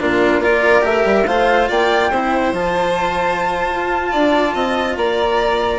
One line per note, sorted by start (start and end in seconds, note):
0.00 0.39 A#2
0.00 0.42 D4
0.00 0.43 F4
0.00 0.43 A#4
0.39 0.82 A#3
0.39 0.82 F4
0.39 1.27 A#4
0.39 0.86 D5
0.82 1.05 A3
0.82 1.24 G4
0.82 1.27 E5
1.05 1.26 G3
1.27 1.69 A3
1.27 2.12 F4
1.27 1.69 C5
1.27 1.69 F5
1.69 2.11 A#3
1.69 2.10 D5
1.69 2.55 G5
2.10 2.53 C4
2.10 2.54 E4
2.10 4.11 C5
2.53 3.69 F3
2.53 5.80 F4
2.53 4.97 A5
3.72 4.14 F4
4.12 4.55 D4
4.12 4.54 D5
4.54 4.97 C4
4.54 4.97 D#5
4.97 5.80 A#3
4.97 5.80 D5
4.97 5.80 A#5